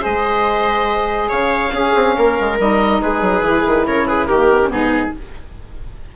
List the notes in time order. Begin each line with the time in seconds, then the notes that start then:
0.00 G#3 G#4 C5 D#5
1.29 C#3 C#5 F5
1.72 C#4 G#4
1.95 C4
2.16 A#3 A#4
2.40 G#3
2.59 G3 D#4 D#5
3.02 G#3 G#4 B4
3.22 F#3
3.42 E3 E4
3.67 D#3
3.87 C#3 A#4 C#5
4.08 G#4 B4
4.26 D#3 A#3 G4 A#4
4.51 B3
4.62 C#4
4.70 G#2 B3 D#4 G#4